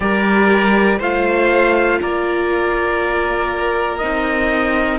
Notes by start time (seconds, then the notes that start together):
0.00 G3 G4 A#4 D5
0.99 A3 F4 C5 F5
2.00 A#3 A#4 D5
3.98 C4 D#4 D#5